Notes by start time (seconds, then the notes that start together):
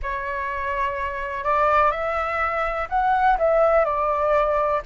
0.02 C#5
1.44 D5
1.91 E5
2.89 F#5
3.38 E5
3.84 D5